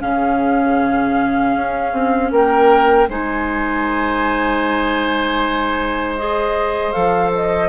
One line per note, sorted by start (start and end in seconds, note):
0.00 1.54 C#3
0.00 3.08 C#4
0.00 2.32 G#4
0.00 2.31 F5
1.54 1.92 C#4
1.92 2.31 C4
2.31 3.08 A#3
2.31 3.08 A#4
2.31 3.09 G5
3.08 6.92 G#3
3.08 6.18 D#4
3.08 7.69 C5
3.08 6.16 G#5
6.16 6.93 G#4
6.16 6.92 D#5
6.92 7.69 F3
6.92 7.69 A4
6.92 7.30 F5
7.34 7.69 D#5